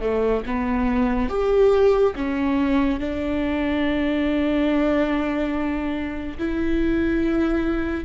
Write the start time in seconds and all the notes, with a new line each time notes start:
0.00 A3
0.46 B3
1.29 G4
2.15 C#4
2.99 D4
6.38 E4